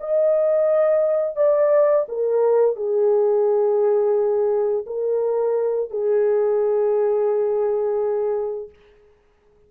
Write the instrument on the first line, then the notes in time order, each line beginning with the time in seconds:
horn
0.00 D#5
1.36 D5
2.08 A#4
2.76 G#4
4.86 A#4
5.90 G#4